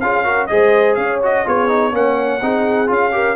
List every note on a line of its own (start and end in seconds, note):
0.00 0.50 C#4
0.00 0.24 F4
0.00 0.24 G#4
0.00 0.46 F5
0.24 0.48 F#4
0.24 0.48 A#4
0.46 0.97 G#3
0.46 1.21 G#4
0.46 0.98 C5
0.46 0.94 D#5
0.95 1.45 C#4
0.95 1.44 C#5
0.95 1.19 F5
1.23 1.46 F#4
1.23 1.48 D#5
1.44 1.92 B3
1.44 1.68 F4
1.44 1.92 G#4
1.44 1.95 C#5
1.68 1.91 D#4
1.91 2.40 A#3
1.91 2.39 C#4
1.91 2.42 C#5
1.91 2.91 F#5
2.42 2.89 C4
2.42 2.87 D#4
2.42 3.14 G#4
2.87 3.35 C#4
2.87 3.11 F4
2.87 3.35 F5
3.12 3.35 G4
3.12 3.35 A#4